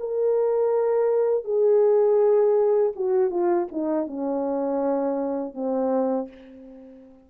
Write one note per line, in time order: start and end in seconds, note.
0.00 1.44 A#4
1.44 2.93 G#4
2.96 3.31 F#4
3.31 3.68 F4
3.72 4.07 D#4
4.07 5.54 C#4
5.54 6.28 C4